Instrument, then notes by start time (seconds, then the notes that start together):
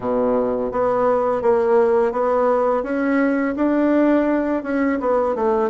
bassoon
0.00 B2
0.71 B3
1.42 A#3
2.12 B3
2.83 C#4
3.56 D4
4.63 C#4
5.00 B3
5.35 A3